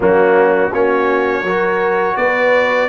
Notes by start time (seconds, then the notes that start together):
0.00 F#3 A#3 C#4 F#4
0.70 A#3 C#4 F#4 C#5
1.43 F#3 F#4 A#4
2.16 B3 B4 D5